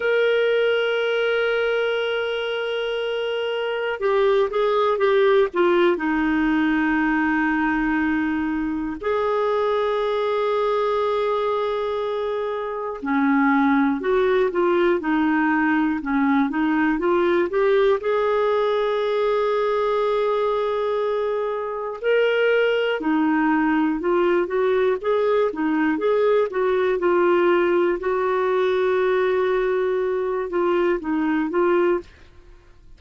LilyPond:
\new Staff \with { instrumentName = "clarinet" } { \time 4/4 \tempo 4 = 60 ais'1 | g'8 gis'8 g'8 f'8 dis'2~ | dis'4 gis'2.~ | gis'4 cis'4 fis'8 f'8 dis'4 |
cis'8 dis'8 f'8 g'8 gis'2~ | gis'2 ais'4 dis'4 | f'8 fis'8 gis'8 dis'8 gis'8 fis'8 f'4 | fis'2~ fis'8 f'8 dis'8 f'8 | }